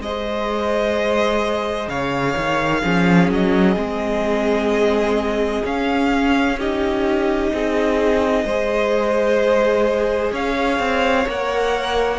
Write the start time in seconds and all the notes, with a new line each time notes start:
0.00 G#3 G#4 C5 D#5
1.88 C#3 C#5 F5
2.37 D#3
2.82 F3 C#4 G#4
3.30 F#3 D#5
3.76 G#3 C4
5.64 C#4 F5
6.59 D#4 G4 D#5
7.53 C4 G#4
8.44 G#3 G#4 C5
10.32 C#4 C#5 F5
10.79 C4
11.26 A#3 A#4 F#5